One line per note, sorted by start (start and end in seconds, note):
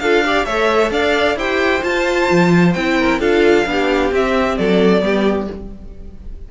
0.00 0.46 D4
0.00 0.25 F4
0.00 0.24 A4
0.00 0.46 F5
0.24 0.47 G4
0.24 0.46 D5
0.46 0.91 A3
0.46 1.38 A4
0.46 0.92 C#5
0.46 0.92 E5
0.91 1.36 D4
0.91 1.37 D5
0.91 1.38 F5
1.36 1.82 E4
1.36 1.82 G4
1.36 2.98 C5
1.36 1.83 G5
1.82 2.73 F4
1.82 2.30 F4
1.82 2.74 A5
2.31 2.76 F3
2.74 3.19 C4
2.74 3.21 E4
2.74 3.19 G5
2.99 3.21 A#4
3.19 3.65 D4
3.19 3.66 F4
3.19 3.67 A4
3.19 4.13 F5
3.66 4.12 B3
3.66 4.12 D4
3.66 4.59 G4
4.12 4.58 C4
4.12 5.01 C4
4.12 4.58 E5
4.58 5.02 F#3
4.58 5.04 A4
4.58 5.49 D5
5.01 5.48 G3
5.01 5.46 B3
5.01 5.52 G4